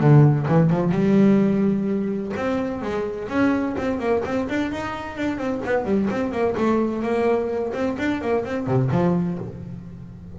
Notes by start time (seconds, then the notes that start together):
0.00 D3
0.48 E3
0.70 F3
0.92 G3
2.37 C4
2.82 G#3
3.29 C#4
3.78 C4
3.99 A#3
4.25 C4
4.49 D4
4.72 D#4
5.17 D4
5.38 C4
5.65 B3
5.85 G3
6.10 C4
6.32 A#3
6.57 A3
7.02 A#3
7.73 C4
7.99 D4
8.21 A#3
8.45 C4
8.67 C3
8.91 F3